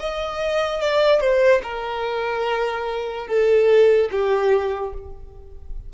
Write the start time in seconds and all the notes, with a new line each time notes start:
0.00 D#5
0.81 D5
1.21 C5
1.63 A#4
3.27 A4
4.11 G4